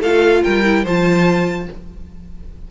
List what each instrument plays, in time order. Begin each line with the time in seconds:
0.00 cello A3, viola F4, violin A4 F5
0.43 cello G3, violin A#4 G5
0.64 viola E4
0.84 cello F3, viola F4, violin C5 A5